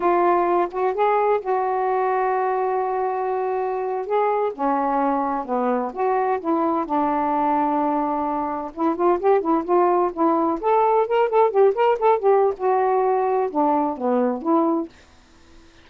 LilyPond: \new Staff \with { instrumentName = "saxophone" } { \time 4/4 \tempo 4 = 129 f'4. fis'8 gis'4 fis'4~ | fis'1~ | fis'8. gis'4 cis'2 b16~ | b8. fis'4 e'4 d'4~ d'16~ |
d'2~ d'8. e'8 f'8 g'16~ | g'16 e'8 f'4 e'4 a'4 ais'16~ | ais'16 a'8 g'8 ais'8 a'8 g'8. fis'4~ | fis'4 d'4 b4 e'4 | }